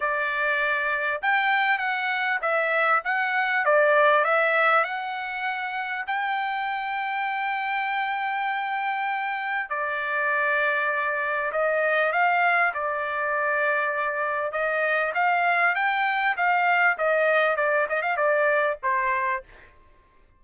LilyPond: \new Staff \with { instrumentName = "trumpet" } { \time 4/4 \tempo 4 = 99 d''2 g''4 fis''4 | e''4 fis''4 d''4 e''4 | fis''2 g''2~ | g''1 |
d''2. dis''4 | f''4 d''2. | dis''4 f''4 g''4 f''4 | dis''4 d''8 dis''16 f''16 d''4 c''4 | }